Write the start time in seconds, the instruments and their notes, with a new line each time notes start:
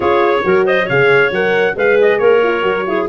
0.00 tuba C#4, horn F4, clarinet G#4, trumpet C#5
0.43 tuba F#3, horn F#4, clarinet A#4
0.66 clarinet C5, trumpet D#5
0.85 tuba C#3, horn G#4, clarinet C#5, trumpet F5
1.30 tuba F#3, horn A#4, trumpet F#5
1.75 tuba G#3, horn G#4, clarinet B4, trumpet F5
2.01 trumpet D#5
2.18 tuba A#3, clarinet A#4, trumpet C#5
2.43 horn F4
2.61 tuba F#3, horn F#4
2.87 horn E4, clarinet G#4